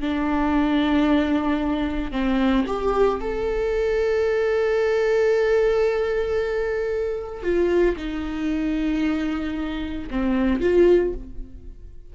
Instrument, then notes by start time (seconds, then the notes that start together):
viola
0.00 D4
2.11 C4
2.67 G4
3.20 A4
7.42 F4
7.97 D#4
10.10 C4
10.60 F4